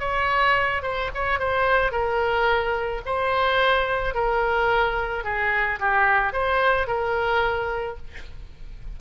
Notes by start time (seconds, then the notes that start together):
0.00 C#5
0.83 C5
1.15 C#5
1.39 C5
1.92 A#4
3.06 C5
4.15 A#4
5.24 G#4
5.80 G4
6.33 C5
6.87 A#4